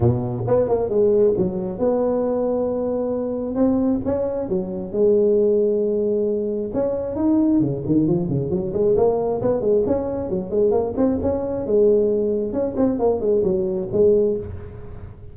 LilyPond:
\new Staff \with { instrumentName = "tuba" } { \time 4/4 \tempo 4 = 134 b,4 b8 ais8 gis4 fis4 | b1 | c'4 cis'4 fis4 gis4~ | gis2. cis'4 |
dis'4 cis8 dis8 f8 cis8 fis8 gis8 | ais4 b8 gis8 cis'4 fis8 gis8 | ais8 c'8 cis'4 gis2 | cis'8 c'8 ais8 gis8 fis4 gis4 | }